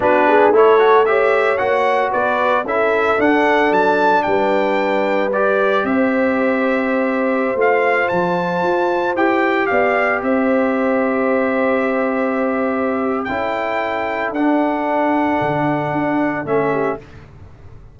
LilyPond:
<<
  \new Staff \with { instrumentName = "trumpet" } { \time 4/4 \tempo 4 = 113 b'4 cis''4 e''4 fis''4 | d''4 e''4 fis''4 a''4 | g''2 d''4 e''4~ | e''2~ e''16 f''4 a''8.~ |
a''4~ a''16 g''4 f''4 e''8.~ | e''1~ | e''4 g''2 fis''4~ | fis''2. e''4 | }
  \new Staff \with { instrumentName = "horn" } { \time 4/4 fis'8 gis'8 a'4 cis''2 | b'4 a'2. | b'2. c''4~ | c''1~ |
c''2~ c''16 d''4 c''8.~ | c''1~ | c''4 a'2.~ | a'2.~ a'8 g'8 | }
  \new Staff \with { instrumentName = "trombone" } { \time 4/4 d'4 e'8 fis'8 g'4 fis'4~ | fis'4 e'4 d'2~ | d'2 g'2~ | g'2~ g'16 f'4.~ f'16~ |
f'4~ f'16 g'2~ g'8.~ | g'1~ | g'4 e'2 d'4~ | d'2. cis'4 | }
  \new Staff \with { instrumentName = "tuba" } { \time 4/4 b4 a2 ais4 | b4 cis'4 d'4 fis4 | g2. c'4~ | c'2~ c'16 a4 f8.~ |
f16 f'4 e'4 b4 c'8.~ | c'1~ | c'4 cis'2 d'4~ | d'4 d4 d'4 a4 | }
>>